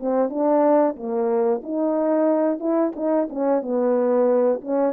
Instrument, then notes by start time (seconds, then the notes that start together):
horn
0.00 C4
0.30 D4
0.96 A#3
1.63 D#4
2.60 E4
2.96 D#4
3.30 C#4
3.62 B3
4.61 C#4